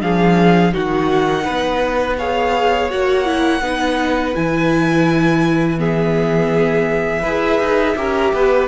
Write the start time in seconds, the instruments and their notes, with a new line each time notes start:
0.00 cello F3, viola D4, violin G#4 F5
0.72 cello D#3, viola D#4, violin F#4 F#5
1.44 cello B3, violin B4
2.17 viola G#4, violin C#5 F5
2.90 cello A#3, viola F#4, violin F#5
3.25 viola E4
3.61 cello B3, viola D#4, violin B4
4.34 cello E3, viola E4, violin G#5
5.78 viola B3, violin G#4 E5
7.22 cello E4, viola G#4, violin B4
7.59 cello D#4
7.96 cello C#4, viola G4, violin A#4
8.33 cello B3, violin B4